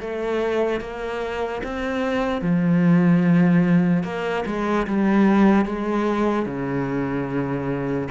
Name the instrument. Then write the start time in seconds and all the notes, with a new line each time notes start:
cello
0.00 A3
0.81 A#3
1.63 C4
2.41 F3
4.04 A#3
4.46 G#3
4.87 G3
5.65 G#3
6.46 C#3